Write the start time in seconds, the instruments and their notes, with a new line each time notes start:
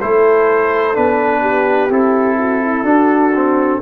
0.00 tuba A3, trombone E4, horn A4, trumpet C5
0.94 tuba B3, trombone D4, trumpet B4
1.41 horn G4
1.89 tuba C4, trombone E4, trumpet A4
2.38 horn F#4
2.62 horn E4
2.83 trombone D4, tuba D4, horn F#4
3.35 trombone C4